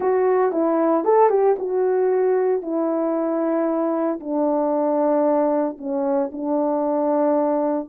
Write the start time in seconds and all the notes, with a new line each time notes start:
0.00 F#4
0.52 E4
1.04 A4
1.29 G4
1.59 F#4
2.61 E4
4.19 D4
5.78 C#4
6.32 D4